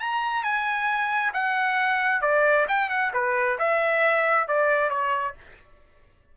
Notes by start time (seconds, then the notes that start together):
0.00 A#5
0.44 G#5
1.34 F#5
2.22 D5
2.68 G5
2.90 F#5
3.14 B4
3.59 E5
4.48 D5
4.90 C#5